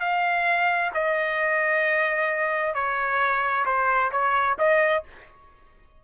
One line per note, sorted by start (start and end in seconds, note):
0.00 0.91 F5
0.94 2.74 D#5
2.74 3.65 C#5
3.65 4.11 C5
4.12 4.57 C#5
4.58 5.04 D#5